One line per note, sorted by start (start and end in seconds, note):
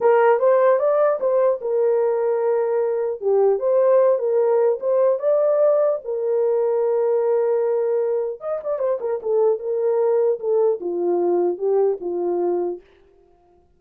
0.00 0.39 A#4
0.39 0.79 C5
0.79 1.19 D5
1.20 1.60 C5
1.61 3.21 A#4
3.21 3.59 G4
3.59 4.18 C5
4.18 4.78 A#4
4.79 5.19 C5
5.19 5.99 D5
6.04 8.40 A#4
8.40 8.60 D#5
8.63 8.78 D5
8.78 8.98 C5
9.00 9.20 A#4
9.22 9.59 A4
9.59 10.39 A#4
10.39 10.79 A4
10.80 11.58 F4
11.58 11.98 G4
12.00 12.80 F4